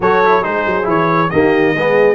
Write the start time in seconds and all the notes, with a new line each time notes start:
0.00 F#3 F#4 A4 C#5
0.24 E4
0.42 G#3 D#4 G#4 C5
0.66 F#3
0.83 E3 E4 C#5
1.30 D#3 A#3 G4 D#5
1.73 G#3 B3 G#4